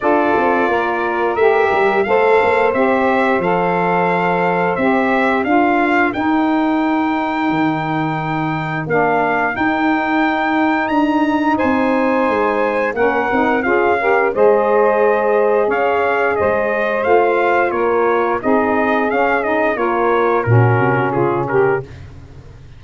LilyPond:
<<
  \new Staff \with { instrumentName = "trumpet" } { \time 4/4 \tempo 4 = 88 d''2 e''4 f''4 | e''4 f''2 e''4 | f''4 g''2.~ | g''4 f''4 g''2 |
ais''4 gis''2 fis''4 | f''4 dis''2 f''4 | dis''4 f''4 cis''4 dis''4 | f''8 dis''8 cis''4 ais'4 gis'8 ais'8 | }
  \new Staff \with { instrumentName = "saxophone" } { \time 4/4 a'4 ais'2 c''4~ | c''1 | ais'1~ | ais'1~ |
ais'4 c''2 ais'4 | gis'8 ais'8 c''2 cis''4 | c''2 ais'4 gis'4~ | gis'4 ais'4 fis'4 f'8 g'8 | }
  \new Staff \with { instrumentName = "saxophone" } { \time 4/4 f'2 g'4 a'4 | g'4 a'2 g'4 | f'4 dis'2.~ | dis'4 d'4 dis'2~ |
dis'2. cis'8 dis'8 | f'8 g'8 gis'2.~ | gis'4 f'2 dis'4 | cis'8 dis'8 f'4 cis'2 | }
  \new Staff \with { instrumentName = "tuba" } { \time 4/4 d'8 c'8 ais4 a8 g8 a8 ais8 | c'4 f2 c'4 | d'4 dis'2 dis4~ | dis4 ais4 dis'2 |
d'4 c'4 gis4 ais8 c'8 | cis'4 gis2 cis'4 | gis4 a4 ais4 c'4 | cis'4 ais4 ais,8 c8 cis4 | }
>>